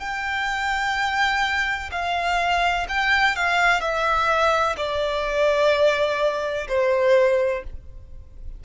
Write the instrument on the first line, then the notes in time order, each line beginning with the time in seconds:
violin
0.00 G5
1.92 F5
2.89 G5
3.36 F5
3.81 E5
4.77 D5
6.68 C5